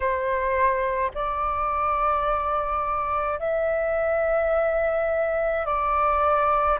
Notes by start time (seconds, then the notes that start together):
0.00 C5
1.14 D5
3.39 E5
5.65 D5